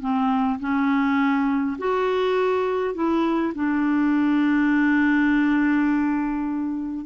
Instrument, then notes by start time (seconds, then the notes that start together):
clarinet
0.00 C4
0.59 C#4
1.78 F#4
2.94 E4
3.55 D4